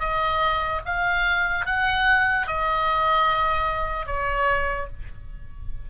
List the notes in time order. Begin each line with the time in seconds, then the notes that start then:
0.00 D#5
0.86 F5
1.66 F#5
2.47 D#5
4.06 C#5